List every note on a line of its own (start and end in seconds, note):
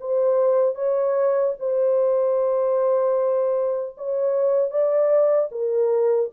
0.00 0.75 C5
0.75 1.54 C#5
1.59 3.96 C5
3.97 4.70 C#5
4.70 5.49 D5
5.51 6.30 A#4